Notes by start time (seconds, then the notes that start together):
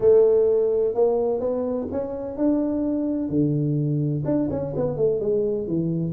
0.00 A3
0.94 A#3
1.39 B3
1.91 C#4
2.37 D4
3.29 D3
4.25 D4
4.50 C#4
4.76 B3
4.96 A3
5.20 G#3
5.67 E3